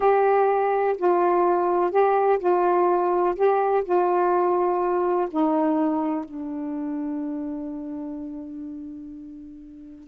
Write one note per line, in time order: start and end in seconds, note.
0.00 0.96 G4
0.97 1.91 F4
1.91 2.39 G4
2.39 3.35 F4
3.35 3.83 G4
3.84 5.28 F4
5.30 6.24 D#4
6.24 10.07 D4